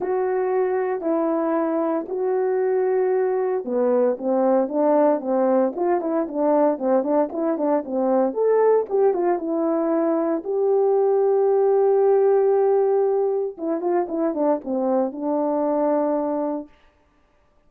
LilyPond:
\new Staff \with { instrumentName = "horn" } { \time 4/4 \tempo 4 = 115 fis'2 e'2 | fis'2. b4 | c'4 d'4 c'4 f'8 e'8 | d'4 c'8 d'8 e'8 d'8 c'4 |
a'4 g'8 f'8 e'2 | g'1~ | g'2 e'8 f'8 e'8 d'8 | c'4 d'2. | }